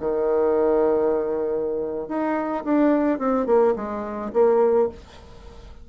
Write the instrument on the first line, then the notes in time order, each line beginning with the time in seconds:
bassoon
0.00 D#3
2.08 D#4
2.64 D4
3.19 C4
3.46 A#3
3.76 G#3
4.33 A#3